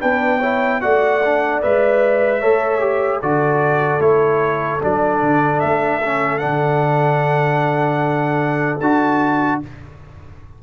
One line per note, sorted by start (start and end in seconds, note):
0.00 0.83 B3
0.00 0.40 D4
0.00 0.38 B4
0.00 0.81 G5
0.38 0.81 E4
0.38 0.78 C#5
0.81 1.63 A3
0.81 1.21 F#4
0.81 2.40 D5
0.81 1.61 F#5
1.25 1.62 D4
1.62 2.44 G#3
1.62 2.41 B4
1.62 3.22 E5
2.40 3.22 A3
2.40 2.80 A4
2.40 3.20 C#5
2.80 3.20 G4
3.20 3.99 D3
3.20 4.00 F#4
3.20 9.60 A4
3.20 4.01 D5
3.99 4.79 A3
3.99 4.80 E4
3.99 4.81 C#5
4.81 5.22 F#3
4.81 6.01 D4
4.81 5.60 D5
5.22 5.62 D3
5.60 6.43 A3
5.60 6.38 E5
6.04 6.39 C#4
6.38 8.80 D3
6.38 8.79 D4
6.38 8.78 F#5
8.79 9.60 D4
8.79 9.62 F#4
8.79 9.60 A5